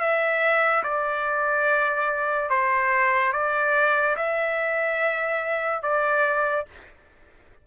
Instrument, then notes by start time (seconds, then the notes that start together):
trumpet
0.00 E5
0.84 D5
2.50 C5
3.33 D5
4.17 E5
5.83 D5